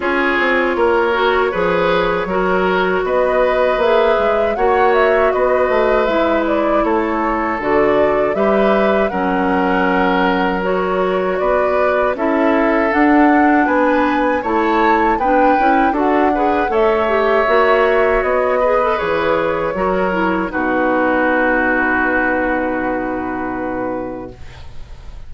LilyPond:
<<
  \new Staff \with { instrumentName = "flute" } { \time 4/4 \tempo 4 = 79 cis''1 | dis''4 e''4 fis''8 e''8 dis''4 | e''8 d''8 cis''4 d''4 e''4 | fis''2 cis''4 d''4 |
e''4 fis''4 gis''4 a''4 | g''4 fis''4 e''2 | dis''4 cis''2 b'4~ | b'1 | }
  \new Staff \with { instrumentName = "oboe" } { \time 4/4 gis'4 ais'4 b'4 ais'4 | b'2 cis''4 b'4~ | b'4 a'2 b'4 | ais'2. b'4 |
a'2 b'4 cis''4 | b'4 a'8 b'8 cis''2~ | cis''8 b'4. ais'4 fis'4~ | fis'1 | }
  \new Staff \with { instrumentName = "clarinet" } { \time 4/4 f'4. fis'8 gis'4 fis'4~ | fis'4 gis'4 fis'2 | e'2 fis'4 g'4 | cis'2 fis'2 |
e'4 d'2 e'4 | d'8 e'8 fis'8 gis'8 a'8 g'8 fis'4~ | fis'8 gis'16 a'16 gis'4 fis'8 e'8 dis'4~ | dis'1 | }
  \new Staff \with { instrumentName = "bassoon" } { \time 4/4 cis'8 c'8 ais4 f4 fis4 | b4 ais8 gis8 ais4 b8 a8 | gis4 a4 d4 g4 | fis2. b4 |
cis'4 d'4 b4 a4 | b8 cis'8 d'4 a4 ais4 | b4 e4 fis4 b,4~ | b,1 | }
>>